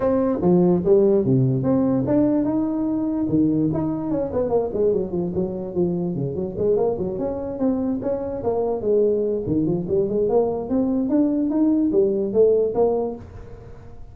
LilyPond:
\new Staff \with { instrumentName = "tuba" } { \time 4/4 \tempo 4 = 146 c'4 f4 g4 c4 | c'4 d'4 dis'2 | dis4 dis'4 cis'8 b8 ais8 gis8 | fis8 f8 fis4 f4 cis8 fis8 |
gis8 ais8 fis8 cis'4 c'4 cis'8~ | cis'8 ais4 gis4. dis8 f8 | g8 gis8 ais4 c'4 d'4 | dis'4 g4 a4 ais4 | }